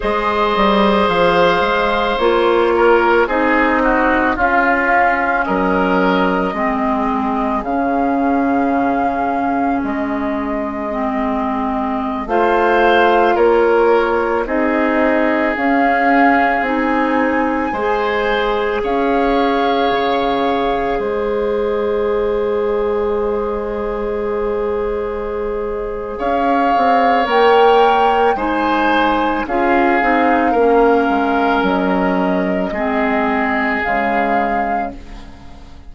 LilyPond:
<<
  \new Staff \with { instrumentName = "flute" } { \time 4/4 \tempo 4 = 55 dis''4 f''4 cis''4 dis''4 | f''4 dis''2 f''4~ | f''4 dis''2~ dis''16 f''8.~ | f''16 cis''4 dis''4 f''4 gis''8.~ |
gis''4~ gis''16 f''2 dis''8.~ | dis''1 | f''4 g''4 gis''4 f''4~ | f''4 dis''2 f''4 | }
  \new Staff \with { instrumentName = "oboe" } { \time 4/4 c''2~ c''8 ais'8 gis'8 fis'8 | f'4 ais'4 gis'2~ | gis'2.~ gis'16 c''8.~ | c''16 ais'4 gis'2~ gis'8.~ |
gis'16 c''4 cis''2 c''8.~ | c''1 | cis''2 c''4 gis'4 | ais'2 gis'2 | }
  \new Staff \with { instrumentName = "clarinet" } { \time 4/4 gis'2 f'4 dis'4 | cis'2 c'4 cis'4~ | cis'2 c'4~ c'16 f'8.~ | f'4~ f'16 dis'4 cis'4 dis'8.~ |
dis'16 gis'2.~ gis'8.~ | gis'1~ | gis'4 ais'4 dis'4 f'8 dis'8 | cis'2 c'4 gis4 | }
  \new Staff \with { instrumentName = "bassoon" } { \time 4/4 gis8 g8 f8 gis8 ais4 c'4 | cis'4 fis4 gis4 cis4~ | cis4 gis2~ gis16 a8.~ | a16 ais4 c'4 cis'4 c'8.~ |
c'16 gis4 cis'4 cis4 gis8.~ | gis1 | cis'8 c'8 ais4 gis4 cis'8 c'8 | ais8 gis8 fis4 gis4 cis4 | }
>>